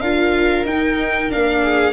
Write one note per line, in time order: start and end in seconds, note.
0.00 0.65 D4
0.00 0.67 F4
0.00 1.62 A#4
0.00 0.65 F5
0.65 1.29 D#4
0.65 1.31 G5
1.29 1.93 A#3
1.29 1.93 D4
1.29 1.93 F5
1.63 1.93 G#4